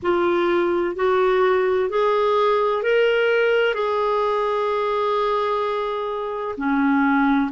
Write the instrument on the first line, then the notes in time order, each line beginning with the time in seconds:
clarinet
0.02 F4
0.95 F#4
1.89 G#4
2.82 A#4
3.74 G#4
6.57 C#4